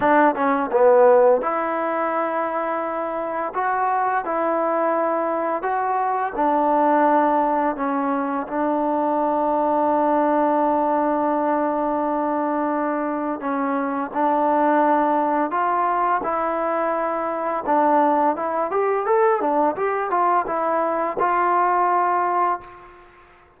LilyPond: \new Staff \with { instrumentName = "trombone" } { \time 4/4 \tempo 4 = 85 d'8 cis'8 b4 e'2~ | e'4 fis'4 e'2 | fis'4 d'2 cis'4 | d'1~ |
d'2. cis'4 | d'2 f'4 e'4~ | e'4 d'4 e'8 g'8 a'8 d'8 | g'8 f'8 e'4 f'2 | }